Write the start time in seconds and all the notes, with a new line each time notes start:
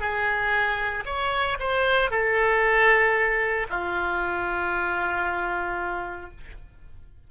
0.00 G#4
1.06 C#5
1.59 C5
2.11 A4
3.69 F4